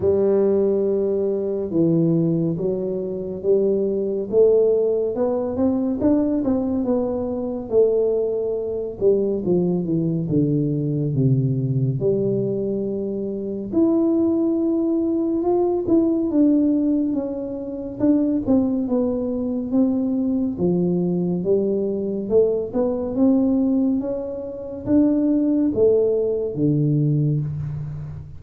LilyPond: \new Staff \with { instrumentName = "tuba" } { \time 4/4 \tempo 4 = 70 g2 e4 fis4 | g4 a4 b8 c'8 d'8 c'8 | b4 a4. g8 f8 e8 | d4 c4 g2 |
e'2 f'8 e'8 d'4 | cis'4 d'8 c'8 b4 c'4 | f4 g4 a8 b8 c'4 | cis'4 d'4 a4 d4 | }